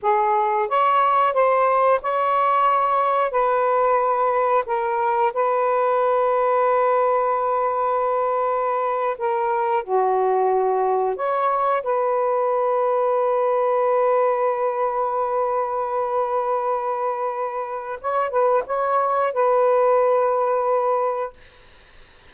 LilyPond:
\new Staff \with { instrumentName = "saxophone" } { \time 4/4 \tempo 4 = 90 gis'4 cis''4 c''4 cis''4~ | cis''4 b'2 ais'4 | b'1~ | b'4.~ b'16 ais'4 fis'4~ fis'16~ |
fis'8. cis''4 b'2~ b'16~ | b'1~ | b'2. cis''8 b'8 | cis''4 b'2. | }